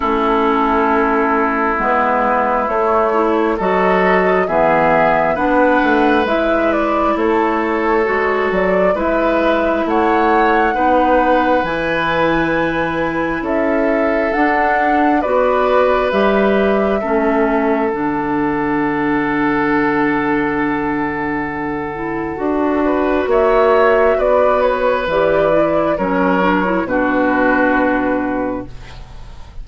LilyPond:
<<
  \new Staff \with { instrumentName = "flute" } { \time 4/4 \tempo 4 = 67 a'2 b'4 cis''4 | dis''4 e''4 fis''4 e''8 d''8 | cis''4. d''8 e''4 fis''4~ | fis''4 gis''2 e''4 |
fis''4 d''4 e''2 | fis''1~ | fis''2 e''4 d''8 cis''8 | d''4 cis''4 b'2 | }
  \new Staff \with { instrumentName = "oboe" } { \time 4/4 e'1 | a'4 gis'4 b'2 | a'2 b'4 cis''4 | b'2. a'4~ |
a'4 b'2 a'4~ | a'1~ | a'4. b'8 cis''4 b'4~ | b'4 ais'4 fis'2 | }
  \new Staff \with { instrumentName = "clarinet" } { \time 4/4 cis'2 b4 a8 e'8 | fis'4 b4 d'4 e'4~ | e'4 fis'4 e'2 | dis'4 e'2. |
d'4 fis'4 g'4 cis'4 | d'1~ | d'8 e'8 fis'2. | g'8 e'8 cis'8 d'16 e'16 d'2 | }
  \new Staff \with { instrumentName = "bassoon" } { \time 4/4 a2 gis4 a4 | fis4 e4 b8 a8 gis4 | a4 gis8 fis8 gis4 a4 | b4 e2 cis'4 |
d'4 b4 g4 a4 | d1~ | d4 d'4 ais4 b4 | e4 fis4 b,2 | }
>>